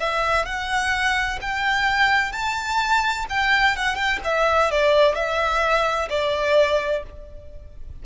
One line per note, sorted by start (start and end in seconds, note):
0.00 0.46 E5
0.46 1.39 F#5
1.41 2.32 G5
2.32 3.26 A5
3.29 3.76 G5
3.76 3.95 F#5
3.95 4.19 G5
4.24 4.71 E5
4.71 5.15 D5
5.15 6.09 E5
6.09 7.03 D5